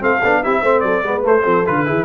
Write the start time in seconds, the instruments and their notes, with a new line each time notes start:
0.00 tuba A3, trombone C4, horn A4, trumpet F5
0.24 tuba B3, trombone D4
0.43 tuba C4, trombone E4, horn G4, trumpet E5
0.62 tuba A3, trombone C4, horn C5
0.81 tuba F#3, horn A4, trumpet D5
1.03 tuba G#3, trombone B3, horn B4
1.22 trombone A3, tuba A3, trumpet C5
1.43 tuba F3, trombone C4, horn A4
1.66 tuba D3, trombone F4, trumpet B4
1.86 tuba E3, trombone E4, horn G#4